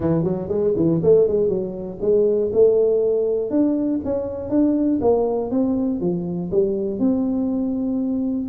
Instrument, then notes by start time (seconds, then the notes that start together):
tuba
0.00 E3
0.23 F#3
0.48 G#3
0.76 E3
1.03 A3
1.27 G#3
1.48 F#3
2.01 G#3
2.52 A3
3.50 D4
4.04 C#4
4.49 D4
5.01 A#3
5.50 C4
6.00 F3
6.51 G3
6.99 C4